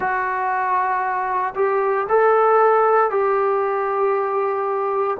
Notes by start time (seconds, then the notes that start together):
0.00 F#4
1.55 G4
2.08 A4
3.10 G4